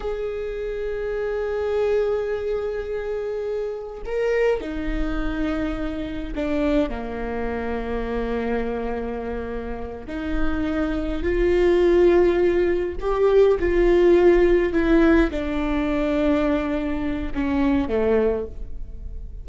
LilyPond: \new Staff \with { instrumentName = "viola" } { \time 4/4 \tempo 4 = 104 gis'1~ | gis'2. ais'4 | dis'2. d'4 | ais1~ |
ais4. dis'2 f'8~ | f'2~ f'8 g'4 f'8~ | f'4. e'4 d'4.~ | d'2 cis'4 a4 | }